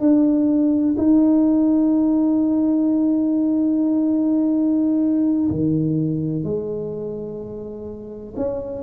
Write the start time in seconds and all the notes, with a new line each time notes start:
0.00 D4
0.98 D#4
5.51 D#3
6.44 G#3
8.37 C#4